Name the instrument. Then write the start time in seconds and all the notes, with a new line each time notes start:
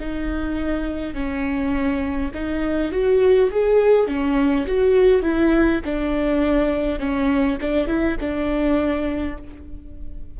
viola
0.00 D#4
1.14 C#4
2.35 D#4
2.92 F#4
3.51 G#4
4.07 C#4
4.67 F#4
5.22 E4
5.85 D4
6.99 C#4
7.61 D4
7.88 E4
8.20 D4